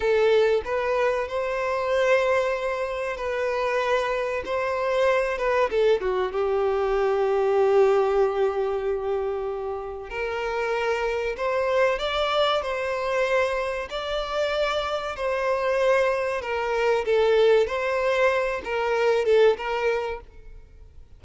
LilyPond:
\new Staff \with { instrumentName = "violin" } { \time 4/4 \tempo 4 = 95 a'4 b'4 c''2~ | c''4 b'2 c''4~ | c''8 b'8 a'8 fis'8 g'2~ | g'1 |
ais'2 c''4 d''4 | c''2 d''2 | c''2 ais'4 a'4 | c''4. ais'4 a'8 ais'4 | }